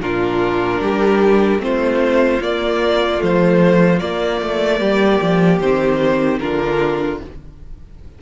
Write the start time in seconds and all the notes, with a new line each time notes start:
0.00 A#2 D4 F4 A#4
0.80 G3 G4
1.58 A3 C4 F4 C5
2.40 A#3 D5
3.18 F3 A3 C5
3.99 A#3 D5
4.41 A3
4.78 G3 G4
5.21 F3
5.60 D#3 C4 C5
6.39 D3 D4 F4 A#4